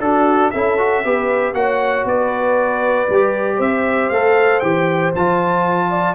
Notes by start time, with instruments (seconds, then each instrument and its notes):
0.00 tuba D4, trombone D4, horn F#4, trumpet A4
0.51 tuba C#4, trombone E4, horn A4, trumpet E5
0.78 trombone F#4
1.04 tuba B3, trombone G4, horn B4
1.53 tuba A#3, trombone F#4, horn C#5, trumpet F#5
2.05 tuba B3, horn B4, trumpet D5
3.10 tuba G3, trombone G4
3.57 tuba C4, horn C5, trumpet E5
4.10 tuba A3, trombone A4, trumpet F5
4.60 tuba E3, trombone G4, trumpet G5
5.15 tuba F3, trombone F4, trumpet A5
5.90 horn D5